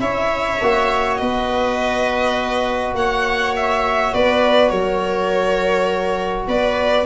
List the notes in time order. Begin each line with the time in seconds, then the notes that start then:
0.00 C#4 E4 C#5 E5
0.62 A#3 F#4
1.17 B3 B4 D#5
2.94 A#3 C#5 F#5
3.56 E5
4.14 B3 B4 D5
4.70 F#3 A#4 C#5
6.48 B3 B4 D5